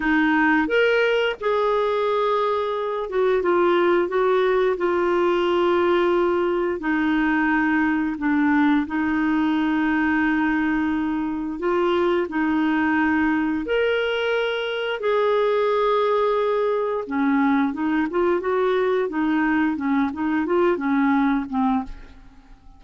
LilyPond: \new Staff \with { instrumentName = "clarinet" } { \time 4/4 \tempo 4 = 88 dis'4 ais'4 gis'2~ | gis'8 fis'8 f'4 fis'4 f'4~ | f'2 dis'2 | d'4 dis'2.~ |
dis'4 f'4 dis'2 | ais'2 gis'2~ | gis'4 cis'4 dis'8 f'8 fis'4 | dis'4 cis'8 dis'8 f'8 cis'4 c'8 | }